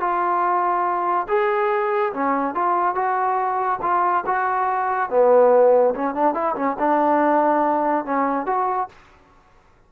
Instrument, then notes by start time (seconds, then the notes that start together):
trombone
0.00 F4
1.28 G#4
2.13 C#4
2.54 F4
2.95 F#4
3.82 F4
4.26 F#4
5.10 B3
5.95 C#4
6.15 D4
6.34 E4
6.55 C#4
6.79 D4
8.05 C#4
8.46 F#4